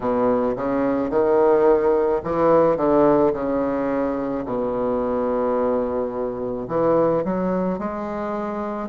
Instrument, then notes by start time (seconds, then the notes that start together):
bassoon
0.00 B2
0.56 C#3
1.10 D#3
2.23 E3
2.76 D3
3.33 C#3
4.44 B2
6.68 E3
7.24 F#3
7.78 G#3